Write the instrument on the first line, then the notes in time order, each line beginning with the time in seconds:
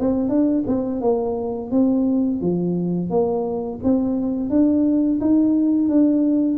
tuba
0.00 C4
0.29 D4
0.68 C4
1.01 A#3
1.72 C4
2.42 F3
3.11 A#3
3.84 C4
4.50 D4
5.21 D#4
5.89 D4